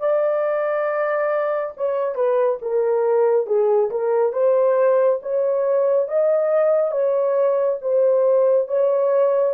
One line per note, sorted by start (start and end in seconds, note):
0.00 1.74 D5
1.77 2.15 C#5
2.15 2.59 B4
2.62 3.47 A#4
3.47 3.91 G#4
3.91 4.33 A#4
4.33 5.20 C5
5.23 6.08 C#5
6.08 6.92 D#5
6.92 7.79 C#5
7.82 8.68 C5
8.68 9.55 C#5